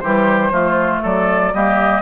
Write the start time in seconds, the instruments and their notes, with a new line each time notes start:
0.00 bassoon E3, clarinet G3, oboe G4, flute C5
0.51 bassoon F3, clarinet A3, oboe F4
1.02 bassoon F#3, oboe A4, flute D5
1.53 bassoon G3, clarinet A#3, oboe G4, flute D#5